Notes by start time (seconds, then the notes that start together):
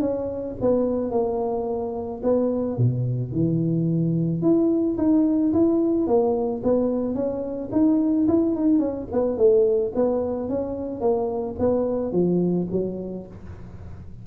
0.00 C#4
0.61 B3
1.11 A#3
2.23 B3
2.77 B2
3.32 E3
4.41 E4
4.97 D#4
5.53 E4
6.07 A#3
6.63 B3
7.14 C#4
7.72 D#4
8.27 E4
8.55 D#4
8.79 C#4
9.12 B3
9.37 A3
9.95 B3
10.49 C#4
11.00 A#3
11.59 B3
12.12 F3
12.71 F#3